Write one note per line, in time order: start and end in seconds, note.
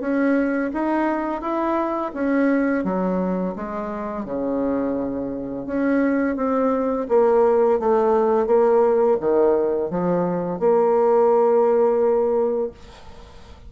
0.00 0.71 C#4
0.73 1.41 D#4
1.41 2.11 E4
2.13 2.84 C#4
2.84 3.54 F#3
3.55 4.24 G#3
4.24 5.66 C#3
5.66 6.36 C#4
6.36 7.07 C4
7.08 7.79 A#3
7.79 8.46 A3
8.46 9.17 A#3
9.20 9.90 D#3
9.90 10.59 F3
10.59 12.71 A#3